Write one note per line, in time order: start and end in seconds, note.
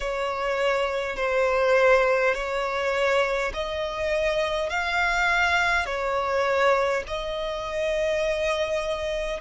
0.00 1.16 C#5
1.16 2.34 C5
2.34 3.52 C#5
3.53 4.70 D#5
4.70 5.85 F5
5.85 7.03 C#5
7.07 9.40 D#5